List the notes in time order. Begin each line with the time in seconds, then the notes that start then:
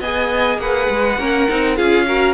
0.00 B3 G#4 D#5 G#5
0.58 A#3 B4 F#5
0.89 G#3
1.18 A#3 C#4 A#4
1.49 C4 D#4
1.77 C#4 F4 G#4 F5
2.06 F#4 A#4